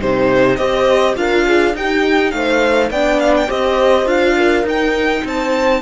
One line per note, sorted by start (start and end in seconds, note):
0.00 0.58 C3
0.00 0.58 D#4
0.00 0.57 G4
0.00 0.56 C5
0.56 1.16 C4
0.56 1.15 G4
0.56 1.15 C5
0.56 1.14 D#5
1.15 1.75 D4
1.15 1.74 F4
1.15 1.46 A#4
1.15 1.75 F5
1.46 1.75 G#4
1.75 2.33 D#4
1.75 2.91 D#4
1.75 2.35 G4
1.75 2.31 G5
2.31 2.90 A3
2.31 2.91 C5
2.31 2.89 F5
2.90 3.48 B3
2.90 3.48 D4
2.90 3.48 D5
2.90 3.20 G5
3.20 3.34 F5
3.36 3.50 G5
3.48 4.06 C4
3.48 4.05 G4
3.48 4.35 C5
3.48 4.07 D#5
4.05 4.63 D4
4.05 4.64 F4
4.05 4.66 F5
4.37 5.24 A#4
4.63 5.22 D#4
4.63 5.82 D#4
4.63 5.27 G5
5.24 5.82 C4
5.24 5.82 C5
5.24 5.82 A5